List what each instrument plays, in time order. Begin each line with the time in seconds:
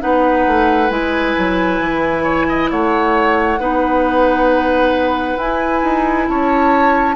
0.00 bassoon B3, clarinet D#4, oboe B4, flute F#5
0.47 bassoon A3
0.90 bassoon G#3, clarinet E4, flute G#5
1.38 bassoon F#3
1.80 bassoon E3
2.24 oboe C#5
2.49 oboe D#5
2.71 bassoon A3, oboe C#5, flute F#5
3.60 bassoon B3, clarinet D#4, oboe B4
5.37 bassoon E4, clarinet E4, flute G#5
5.83 bassoon D#4
6.29 bassoon C#4, oboe C#5, flute A5